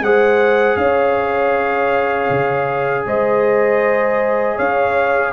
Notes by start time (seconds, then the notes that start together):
0.00 G#3 G#4 C5 F#5
0.77 C#4 C#5 F5
2.30 C#3
3.06 G#3 C5 D#5
4.56 C#4 C#5 F5